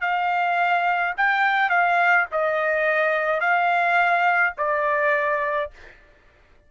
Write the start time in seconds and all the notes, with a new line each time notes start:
0.00 F5
1.17 G5
1.69 F5
2.31 D#5
3.40 F5
4.57 D5